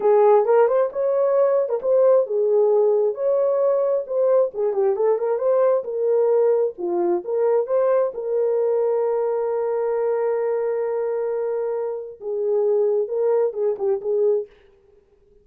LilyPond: \new Staff \with { instrumentName = "horn" } { \time 4/4 \tempo 4 = 133 gis'4 ais'8 c''8 cis''4.~ cis''16 ais'16 | c''4 gis'2 cis''4~ | cis''4 c''4 gis'8 g'8 a'8 ais'8 | c''4 ais'2 f'4 |
ais'4 c''4 ais'2~ | ais'1~ | ais'2. gis'4~ | gis'4 ais'4 gis'8 g'8 gis'4 | }